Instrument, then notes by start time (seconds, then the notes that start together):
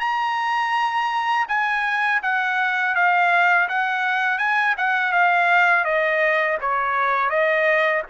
trumpet
0.00 A#5
1.48 G#5
2.23 F#5
2.95 F5
3.69 F#5
4.38 G#5
4.77 F#5
5.12 F5
5.85 D#5
6.61 C#5
7.30 D#5